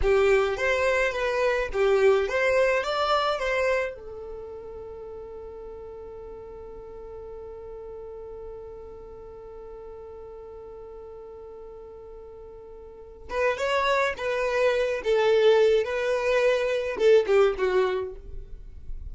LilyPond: \new Staff \with { instrumentName = "violin" } { \time 4/4 \tempo 4 = 106 g'4 c''4 b'4 g'4 | c''4 d''4 c''4 a'4~ | a'1~ | a'1~ |
a'1~ | a'2.~ a'8 b'8 | cis''4 b'4. a'4. | b'2 a'8 g'8 fis'4 | }